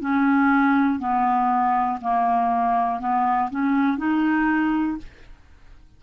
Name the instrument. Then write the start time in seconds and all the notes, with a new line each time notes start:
clarinet
0.00 C#4
0.99 B3
2.01 A#3
3.00 B3
3.50 C#4
3.97 D#4